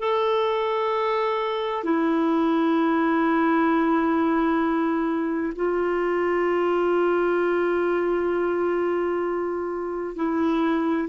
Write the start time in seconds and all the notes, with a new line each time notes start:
0.00 A4
1.84 E4
5.56 F4
10.16 E4